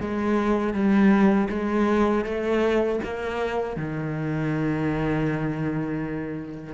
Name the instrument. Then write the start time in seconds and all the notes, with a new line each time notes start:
cello
0.00 G#3
0.73 G3
1.49 G#3
2.24 A3
3.03 A#3
3.76 D#3